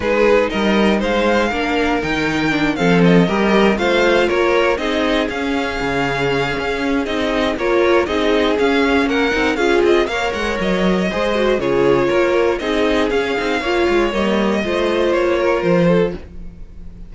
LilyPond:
<<
  \new Staff \with { instrumentName = "violin" } { \time 4/4 \tempo 4 = 119 b'4 dis''4 f''2 | g''4. f''8 dis''4. f''8~ | f''8 cis''4 dis''4 f''4.~ | f''2 dis''4 cis''4 |
dis''4 f''4 fis''4 f''8 dis''8 | f''8 fis''8 dis''2 cis''4~ | cis''4 dis''4 f''2 | dis''2 cis''4 c''4 | }
  \new Staff \with { instrumentName = "violin" } { \time 4/4 gis'4 ais'4 c''4 ais'4~ | ais'4. a'4 ais'4 c''8~ | c''8 ais'4 gis'2~ gis'8~ | gis'2. ais'4 |
gis'2 ais'4 gis'4 | cis''2 c''4 gis'4 | ais'4 gis'2 cis''4~ | cis''4 c''4. ais'4 a'8 | }
  \new Staff \with { instrumentName = "viola" } { \time 4/4 dis'2. d'4 | dis'4 d'8 c'4 g'4 f'8~ | f'4. dis'4 cis'4.~ | cis'2 dis'4 f'4 |
dis'4 cis'4. dis'8 f'4 | ais'2 gis'8 fis'8 f'4~ | f'4 dis'4 cis'8 dis'8 f'4 | ais4 f'2. | }
  \new Staff \with { instrumentName = "cello" } { \time 4/4 gis4 g4 gis4 ais4 | dis4. f4 g4 a8~ | a8 ais4 c'4 cis'4 cis8~ | cis4 cis'4 c'4 ais4 |
c'4 cis'4 ais8 c'8 cis'8 c'8 | ais8 gis8 fis4 gis4 cis4 | ais4 c'4 cis'8 c'8 ais8 gis8 | g4 a4 ais4 f4 | }
>>